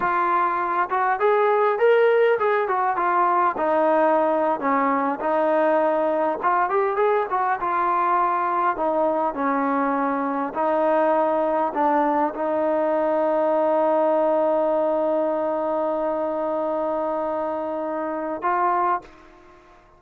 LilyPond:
\new Staff \with { instrumentName = "trombone" } { \time 4/4 \tempo 4 = 101 f'4. fis'8 gis'4 ais'4 | gis'8 fis'8 f'4 dis'4.~ dis'16 cis'16~ | cis'8. dis'2 f'8 g'8 gis'16~ | gis'16 fis'8 f'2 dis'4 cis'16~ |
cis'4.~ cis'16 dis'2 d'16~ | d'8. dis'2.~ dis'16~ | dis'1~ | dis'2. f'4 | }